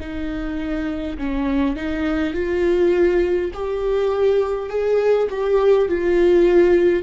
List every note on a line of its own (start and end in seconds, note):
0.00 1.18 D#4
1.18 1.76 C#4
1.76 2.34 D#4
2.34 3.51 F4
3.53 4.70 G4
4.70 5.28 G#4
5.30 5.88 G4
5.88 7.03 F4